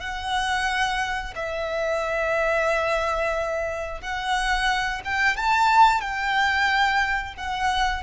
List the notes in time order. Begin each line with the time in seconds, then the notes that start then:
0.00 F#5
1.35 E5
4.01 F#5
5.04 G5
5.36 A5
6.01 G5
7.37 F#5